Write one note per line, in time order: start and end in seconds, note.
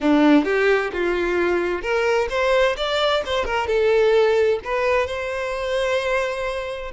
0.00 0.44 D4
0.44 0.90 G4
0.93 1.82 F4
1.82 2.28 A#4
2.29 2.75 C5
2.76 3.22 D5
3.25 3.44 C5
3.44 3.67 A#4
3.67 4.59 A4
4.64 5.06 B4
5.06 6.91 C5